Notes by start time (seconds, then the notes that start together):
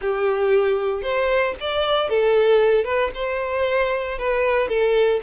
0.01 G4
1.02 C5
1.60 D5
2.09 A4
2.84 B4
3.14 C5
4.18 B4
4.68 A4